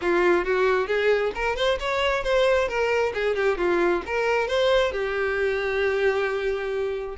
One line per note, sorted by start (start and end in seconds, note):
0.01 0.45 F4
0.45 0.87 F#4
0.87 1.32 G#4
1.35 1.55 A#4
1.55 1.78 C5
1.79 2.23 C#5
2.23 2.68 C5
2.68 3.13 A#4
3.13 3.35 G#4
3.35 3.57 G4
3.57 4.02 F4
4.06 4.47 A#4
4.47 4.92 C5
4.92 7.15 G4